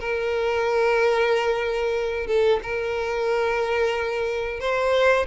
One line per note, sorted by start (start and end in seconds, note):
0.00 2.27 A#4
2.27 2.60 A4
2.63 4.60 A#4
4.60 5.26 C5